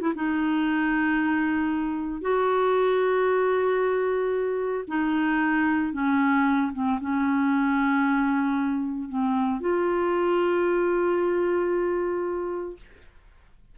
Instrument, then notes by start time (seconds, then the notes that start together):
clarinet
0.00 E4
0.15 D#4
2.21 F#4
4.87 D#4
5.93 C#4
6.72 C4
7.00 C#4
9.08 C4
9.60 F4